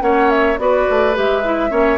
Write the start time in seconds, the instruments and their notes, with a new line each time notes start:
0.00 bassoon A#3, clarinet C#4, oboe C#5, flute F#5
0.29 flute E5
0.57 bassoon B3, clarinet F#4, oboe B4, flute D5
0.90 bassoon A3
1.14 bassoon G#3, clarinet G4, flute E5
1.44 clarinet E4
1.70 bassoon A#3, clarinet C#4, oboe C#5